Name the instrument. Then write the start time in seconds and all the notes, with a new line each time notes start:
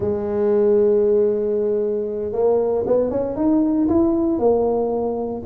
tuba
0.00 G#3
2.32 A#3
2.86 B3
3.10 C#4
3.36 D#4
3.88 E4
4.38 A#3